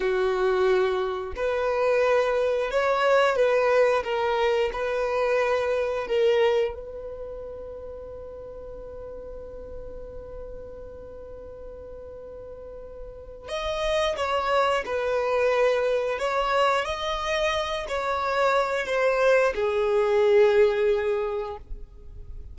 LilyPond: \new Staff \with { instrumentName = "violin" } { \time 4/4 \tempo 4 = 89 fis'2 b'2 | cis''4 b'4 ais'4 b'4~ | b'4 ais'4 b'2~ | b'1~ |
b'1 | dis''4 cis''4 b'2 | cis''4 dis''4. cis''4. | c''4 gis'2. | }